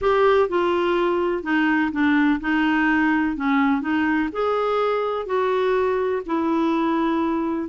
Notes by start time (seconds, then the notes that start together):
0.01 G4
0.48 F4
1.43 D#4
1.92 D4
2.40 D#4
3.36 C#4
3.81 D#4
4.32 G#4
5.26 F#4
6.26 E4